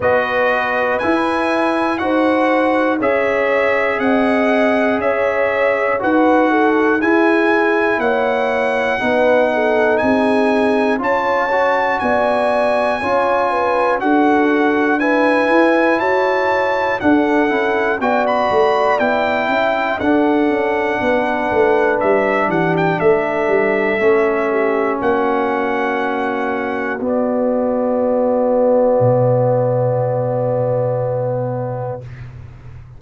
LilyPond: <<
  \new Staff \with { instrumentName = "trumpet" } { \time 4/4 \tempo 4 = 60 dis''4 gis''4 fis''4 e''4 | fis''4 e''4 fis''4 gis''4 | fis''2 gis''4 a''4 | gis''2 fis''4 gis''4 |
a''4 fis''4 g''16 b''8. g''4 | fis''2 e''8 fis''16 g''16 e''4~ | e''4 fis''2 d''4~ | d''1 | }
  \new Staff \with { instrumentName = "horn" } { \time 4/4 b'2 c''4 cis''4 | dis''4 cis''4 b'8 a'8 gis'4 | cis''4 b'8 a'8 gis'4 cis''4 | d''4 cis''8 b'8 a'4 b'4 |
cis''4 a'4 d''4. e''8 | a'4 b'4. g'8 a'4~ | a'8 g'8 fis'2.~ | fis'1 | }
  \new Staff \with { instrumentName = "trombone" } { \time 4/4 fis'4 e'4 fis'4 gis'4~ | gis'2 fis'4 e'4~ | e'4 dis'2 f'8 fis'8~ | fis'4 f'4 fis'4 e'4~ |
e'4 d'8 e'8 fis'4 e'4 | d'1 | cis'2. b4~ | b1 | }
  \new Staff \with { instrumentName = "tuba" } { \time 4/4 b4 e'4 dis'4 cis'4 | c'4 cis'4 dis'4 e'4 | ais4 b4 c'4 cis'4 | b4 cis'4 d'4. e'8 |
fis'4 d'8 cis'8 b8 a8 b8 cis'8 | d'8 cis'8 b8 a8 g8 e8 a8 g8 | a4 ais2 b4~ | b4 b,2. | }
>>